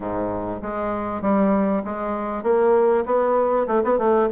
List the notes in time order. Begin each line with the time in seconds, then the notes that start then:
0.00 G#2
0.62 G#3
1.21 G3
1.84 G#3
2.43 A#3
3.05 B3
3.67 A3
3.83 B3
3.98 A3